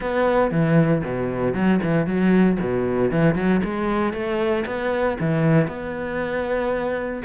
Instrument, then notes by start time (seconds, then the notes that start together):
cello
0.00 B3
0.51 E3
1.04 B2
1.54 F#3
1.83 E3
2.06 F#3
2.60 B2
3.11 E3
3.35 F#3
3.64 G#3
4.13 A3
4.66 B3
5.20 E3
5.67 B3